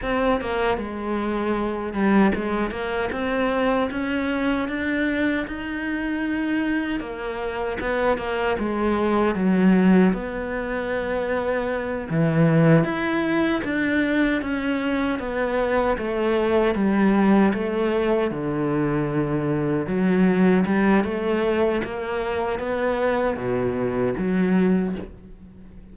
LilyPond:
\new Staff \with { instrumentName = "cello" } { \time 4/4 \tempo 4 = 77 c'8 ais8 gis4. g8 gis8 ais8 | c'4 cis'4 d'4 dis'4~ | dis'4 ais4 b8 ais8 gis4 | fis4 b2~ b8 e8~ |
e8 e'4 d'4 cis'4 b8~ | b8 a4 g4 a4 d8~ | d4. fis4 g8 a4 | ais4 b4 b,4 fis4 | }